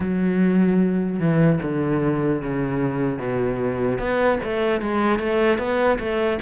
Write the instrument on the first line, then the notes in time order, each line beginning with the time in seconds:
cello
0.00 F#3
1.19 E3
1.62 D3
2.42 C#3
3.18 B2
3.98 B3
4.43 A3
4.81 G#3
5.19 A3
5.58 B3
5.99 A3